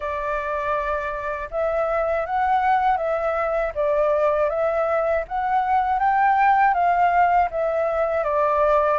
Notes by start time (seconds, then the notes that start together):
0.00 D5
1.50 E5
2.26 F#5
2.97 E5
3.74 D5
4.49 E5
5.27 F#5
5.99 G5
6.73 F5
7.50 E5
8.24 D5